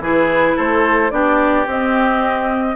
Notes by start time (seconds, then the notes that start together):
0.00 E3 E4 G#4 B4
0.56 A3 A4 C5
1.11 B3 D4 G4 D5
1.66 C4 D#5